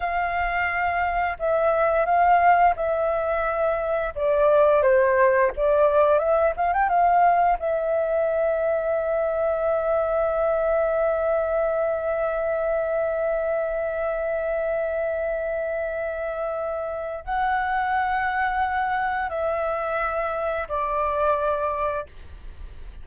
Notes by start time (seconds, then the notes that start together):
0.00 F5
1.39 E5
2.05 F5
2.76 E5
4.15 D5
4.82 C5
5.56 D5
6.18 E5
6.56 F5
6.73 G5
6.89 F5
7.59 E5
17.24 F#5
19.29 E5
20.68 D5